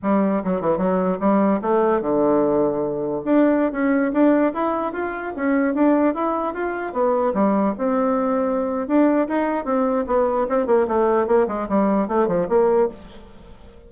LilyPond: \new Staff \with { instrumentName = "bassoon" } { \time 4/4 \tempo 4 = 149 g4 fis8 e8 fis4 g4 | a4 d2. | d'4~ d'16 cis'4 d'4 e'8.~ | e'16 f'4 cis'4 d'4 e'8.~ |
e'16 f'4 b4 g4 c'8.~ | c'2 d'4 dis'4 | c'4 b4 c'8 ais8 a4 | ais8 gis8 g4 a8 f8 ais4 | }